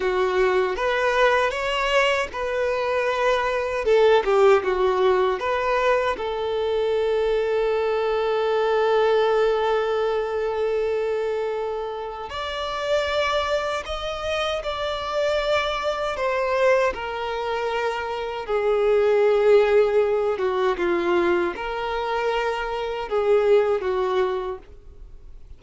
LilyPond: \new Staff \with { instrumentName = "violin" } { \time 4/4 \tempo 4 = 78 fis'4 b'4 cis''4 b'4~ | b'4 a'8 g'8 fis'4 b'4 | a'1~ | a'1 |
d''2 dis''4 d''4~ | d''4 c''4 ais'2 | gis'2~ gis'8 fis'8 f'4 | ais'2 gis'4 fis'4 | }